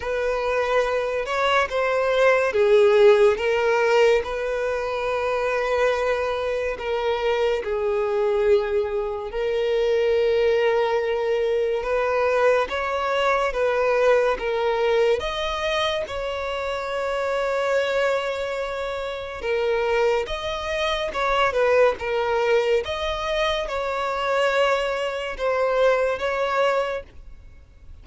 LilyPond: \new Staff \with { instrumentName = "violin" } { \time 4/4 \tempo 4 = 71 b'4. cis''8 c''4 gis'4 | ais'4 b'2. | ais'4 gis'2 ais'4~ | ais'2 b'4 cis''4 |
b'4 ais'4 dis''4 cis''4~ | cis''2. ais'4 | dis''4 cis''8 b'8 ais'4 dis''4 | cis''2 c''4 cis''4 | }